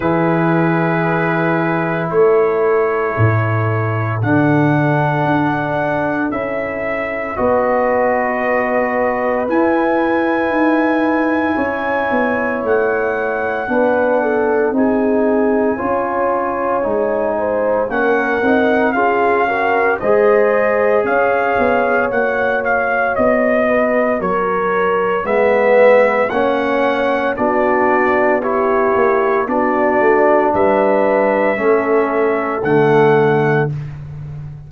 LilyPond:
<<
  \new Staff \with { instrumentName = "trumpet" } { \time 4/4 \tempo 4 = 57 b'2 cis''2 | fis''2 e''4 dis''4~ | dis''4 gis''2. | fis''2 gis''2~ |
gis''4 fis''4 f''4 dis''4 | f''4 fis''8 f''8 dis''4 cis''4 | e''4 fis''4 d''4 cis''4 | d''4 e''2 fis''4 | }
  \new Staff \with { instrumentName = "horn" } { \time 4/4 gis'2 a'2~ | a'2. b'4~ | b'2. cis''4~ | cis''4 b'8 a'8 gis'4 cis''4~ |
cis''8 c''8 ais'4 gis'8 ais'8 c''4 | cis''2~ cis''8 b'8 ais'4 | b'4 cis''4 fis'4 g'4 | fis'4 b'4 a'2 | }
  \new Staff \with { instrumentName = "trombone" } { \time 4/4 e'1 | d'2 e'4 fis'4~ | fis'4 e'2.~ | e'4 d'4 dis'4 f'4 |
dis'4 cis'8 dis'8 f'8 fis'8 gis'4~ | gis'4 fis'2. | b4 cis'4 d'4 e'4 | d'2 cis'4 a4 | }
  \new Staff \with { instrumentName = "tuba" } { \time 4/4 e2 a4 a,4 | d4 d'4 cis'4 b4~ | b4 e'4 dis'4 cis'8 b8 | a4 b4 c'4 cis'4 |
gis4 ais8 c'8 cis'4 gis4 | cis'8 b8 ais4 b4 fis4 | gis4 ais4 b4. ais8 | b8 a8 g4 a4 d4 | }
>>